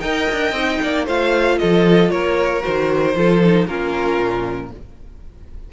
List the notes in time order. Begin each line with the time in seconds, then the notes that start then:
0.00 D#4 A#4 D#5 G5
0.32 D4
0.52 C4 D#4
0.82 A#3 D5
1.06 A3 F4 C5 F5
1.58 F3 A4 D#5
2.10 A#3 A#4 C#5
2.60 F#4 C5
2.67 D#3
3.16 F3 F4 A4
3.45 D#4
3.66 A#3 C#4 F4 A#4
4.18 A#2